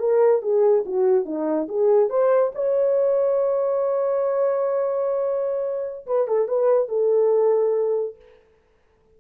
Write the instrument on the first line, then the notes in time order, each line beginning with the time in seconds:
horn
0.00 A#4
0.42 G#4
0.86 F#4
1.25 D#4
1.69 G#4
2.10 C5
2.55 C#5
6.07 B4
6.28 A4
6.48 B4
6.89 A4